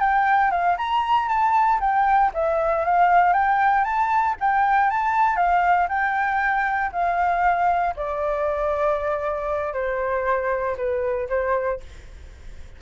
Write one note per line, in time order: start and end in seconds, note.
0.00 0.51 G5
0.51 0.77 F5
0.78 1.28 A#5
1.28 1.79 A5
1.80 2.32 G5
2.34 2.85 E5
2.85 3.33 F5
3.33 3.84 G5
3.84 4.36 A5
4.40 4.91 G5
4.91 5.36 A5
5.36 5.88 F5
5.89 6.91 G5
6.92 7.95 F5
7.96 9.74 D5
9.74 10.76 C5
10.77 11.28 B4
11.29 11.80 C5